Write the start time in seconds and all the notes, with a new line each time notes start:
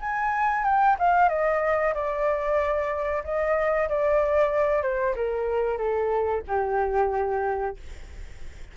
0.00 G#5
0.65 G5
0.99 F5
1.29 D#5
1.94 D5
3.24 D#5
3.89 D5
4.83 C5
5.16 A#4
5.78 A4
6.48 G4